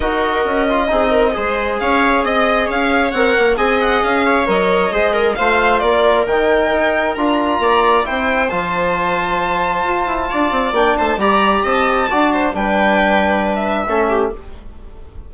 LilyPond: <<
  \new Staff \with { instrumentName = "violin" } { \time 4/4 \tempo 4 = 134 dis''1 | f''4 dis''4 f''4 fis''4 | gis''8 fis''8 f''4 dis''2 | f''4 d''4 g''2 |
ais''2 g''4 a''4~ | a''1 | g''8 a''8 ais''4 a''2 | g''2~ g''16 e''4.~ e''16 | }
  \new Staff \with { instrumentName = "viola" } { \time 4/4 ais'2 gis'8 ais'8 c''4 | cis''4 dis''4 cis''2 | dis''4. cis''4. c''8 ais'8 | c''4 ais'2.~ |
ais'4 d''4 c''2~ | c''2. d''4~ | d''8 c''8 d''4 dis''4 d''8 c''8 | b'2. a'8 g'8 | }
  \new Staff \with { instrumentName = "trombone" } { \time 4/4 fis'4. f'8 dis'4 gis'4~ | gis'2. ais'4 | gis'2 ais'4 gis'4 | f'2 dis'2 |
f'2 e'4 f'4~ | f'1 | d'4 g'2 fis'4 | d'2. cis'4 | }
  \new Staff \with { instrumentName = "bassoon" } { \time 4/4 dis'4 cis'4 c'4 gis4 | cis'4 c'4 cis'4 c'8 ais8 | c'4 cis'4 fis4 gis4 | a4 ais4 dis4 dis'4 |
d'4 ais4 c'4 f4~ | f2 f'8 e'8 d'8 c'8 | ais8 a8 g4 c'4 d'4 | g2. a4 | }
>>